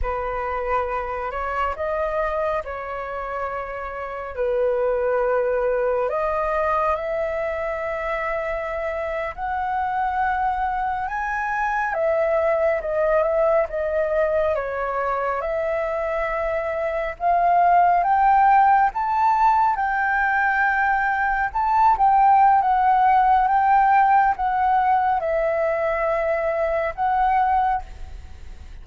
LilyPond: \new Staff \with { instrumentName = "flute" } { \time 4/4 \tempo 4 = 69 b'4. cis''8 dis''4 cis''4~ | cis''4 b'2 dis''4 | e''2~ e''8. fis''4~ fis''16~ | fis''8. gis''4 e''4 dis''8 e''8 dis''16~ |
dis''8. cis''4 e''2 f''16~ | f''8. g''4 a''4 g''4~ g''16~ | g''8. a''8 g''8. fis''4 g''4 | fis''4 e''2 fis''4 | }